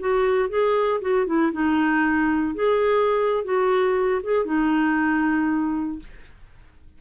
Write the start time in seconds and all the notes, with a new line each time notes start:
0.00 F#4
0.50 G#4
1.01 F#4
1.27 E4
1.52 D#4
2.55 G#4
3.45 F#4
4.24 G#4
4.45 D#4